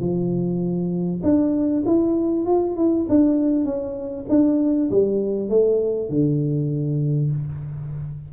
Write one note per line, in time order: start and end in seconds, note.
0.00 1.21 F3
1.23 1.84 D4
1.86 2.46 E4
2.46 2.77 F4
2.77 3.07 E4
3.09 3.65 D4
3.65 4.26 C#4
4.29 4.90 D4
4.91 5.50 G3
5.50 6.10 A3
6.10 7.31 D3